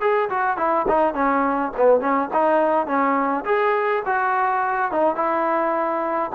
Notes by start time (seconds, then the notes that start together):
0.00 G#4
0.29 F#4
0.57 E4
0.88 D#4
1.14 C#4
1.76 B3
2.00 C#4
2.33 D#4
2.86 C#4
3.45 G#4
4.05 F#4
4.91 D#4
5.15 E4